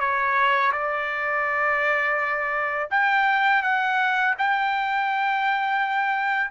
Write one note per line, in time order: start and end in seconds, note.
0.00 0.72 C#5
0.73 2.89 D5
2.91 3.63 G5
3.63 4.35 F#5
4.39 6.51 G5